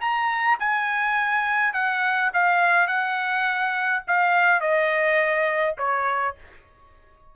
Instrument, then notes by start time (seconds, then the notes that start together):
trumpet
0.00 A#5
0.59 G#5
1.73 F#5
2.33 F5
2.87 F#5
4.07 F5
4.60 D#5
5.77 C#5